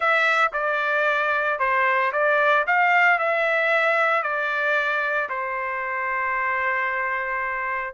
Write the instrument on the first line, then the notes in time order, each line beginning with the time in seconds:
trumpet
0.00 E5
0.52 D5
1.59 C5
2.12 D5
2.67 F5
3.18 E5
4.22 D5
5.29 C5